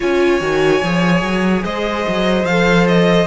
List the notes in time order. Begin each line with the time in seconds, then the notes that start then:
0.00 C#4 F4 C#5 G#5
0.40 D#3 F#4
0.83 F3 G#4
1.22 F#3
1.64 G#3 C5 D#5
2.08 F#3
2.44 F3 A4 F5
2.87 D#5